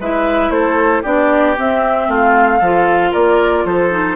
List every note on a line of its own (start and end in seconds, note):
0.00 0.50 G#3
0.00 1.04 E4
0.00 0.53 B4
0.00 0.51 E5
0.50 1.02 A3
0.50 1.03 A4
0.50 1.03 C5
1.03 1.57 B3
1.03 1.56 D4
1.03 2.07 G4
1.03 1.57 D5
1.57 2.62 C4
1.57 2.08 C4
1.57 2.11 E5
2.08 2.61 A3
2.08 2.59 F4
2.08 3.13 F5
2.59 3.13 F3
2.59 3.91 F4
2.59 3.11 A4
3.12 3.65 A#3
3.12 3.64 A#4
3.12 3.66 D5
3.65 4.16 F3
3.65 4.16 A4
3.65 4.16 C5
3.91 4.16 D#4